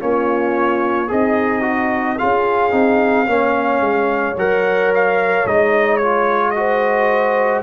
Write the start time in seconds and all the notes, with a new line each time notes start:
0.00 A#3 C#4 F4 C#5
1.08 C4 D#4 G#4 D#5
1.62 F#4
2.18 C#4 F4 G#4 F5
2.71 C4 D#4
3.27 A#3 C#4 C#5
3.80 G#3
4.36 F#3 A#4 F#5
4.95 F5
5.46 G#3 D#4 D#5
5.97 F4 C#5
6.51 F#4 D#5
6.58 C5